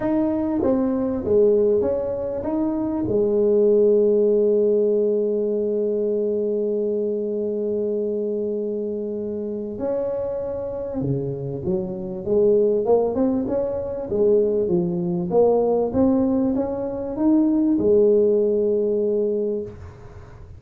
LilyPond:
\new Staff \with { instrumentName = "tuba" } { \time 4/4 \tempo 4 = 98 dis'4 c'4 gis4 cis'4 | dis'4 gis2.~ | gis1~ | gis1 |
cis'2 cis4 fis4 | gis4 ais8 c'8 cis'4 gis4 | f4 ais4 c'4 cis'4 | dis'4 gis2. | }